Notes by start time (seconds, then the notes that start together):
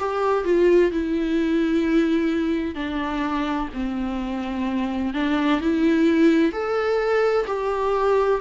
0.00 G4
0.45 F4
0.92 E4
2.75 D4
3.74 C4
5.14 D4
5.61 E4
6.52 A4
7.47 G4